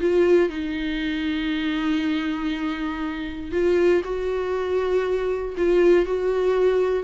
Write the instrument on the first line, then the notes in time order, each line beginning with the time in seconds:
viola
0.00 F4
0.49 D#4
3.51 F4
4.04 F#4
5.57 F4
6.05 F#4